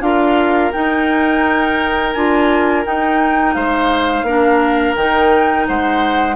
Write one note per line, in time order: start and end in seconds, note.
0.00 0.71 D4
0.00 0.72 F4
0.00 3.55 A#4
0.00 0.72 F5
0.72 2.14 D#4
0.72 2.15 D#4
0.72 2.13 G5
2.13 2.85 D4
2.13 2.84 F4
2.13 2.83 G#5
2.84 4.26 D#4
2.84 3.55 D#4
2.84 3.54 G5
3.54 4.23 G#3
3.54 4.26 C5
3.54 4.95 F5
4.23 4.93 A#3
4.23 4.97 D4
4.23 5.67 A#4
4.95 5.66 D#3
4.95 6.36 D#4
4.95 5.66 G5
5.67 6.36 G#3
5.67 6.36 C5
5.67 6.36 F#5